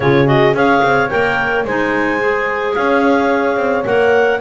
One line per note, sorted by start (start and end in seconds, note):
0.00 0.53 C#3
0.00 0.25 F4
0.00 0.55 G#4
0.00 0.27 C#5
0.25 0.53 F#4
0.25 0.55 D#5
0.53 0.81 C#4
0.53 1.09 G#4
0.53 1.65 C#5
0.53 1.09 F5
0.82 1.09 C4
1.09 1.64 A#3
1.09 1.64 A#4
1.09 1.64 G5
1.64 2.74 G#3
1.64 2.19 D#4
1.64 2.75 C5
1.64 2.74 G#5
2.19 3.84 G#4
2.74 3.56 C#4
2.74 4.40 C#5
2.74 3.84 F5
3.56 3.83 C4
3.84 4.40 A#3
3.84 4.39 A#4
3.84 4.40 F#5